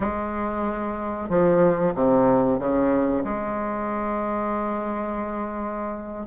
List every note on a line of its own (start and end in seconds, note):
0.00 1.29 G#3
1.29 1.93 F3
1.94 2.59 C3
2.59 3.23 C#3
3.24 6.26 G#3